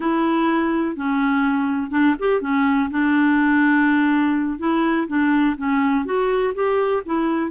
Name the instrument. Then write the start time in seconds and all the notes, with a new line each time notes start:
clarinet
0.00 E4
0.96 C#4
1.90 D4
2.19 G4
2.41 C#4
2.90 D4
4.58 E4
5.07 D4
5.57 C#4
6.05 F#4
6.54 G4
7.05 E4